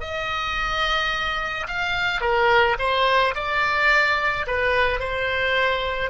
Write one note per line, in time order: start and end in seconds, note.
0.00 1.67 D#5
1.67 2.21 F5
2.21 2.76 A#4
2.79 3.34 C5
3.35 4.46 D5
4.47 4.99 B4
4.99 6.10 C5